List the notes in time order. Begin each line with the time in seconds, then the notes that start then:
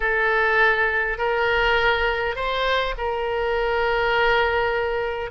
0.00 A4
1.17 A#4
2.35 C5
2.97 A#4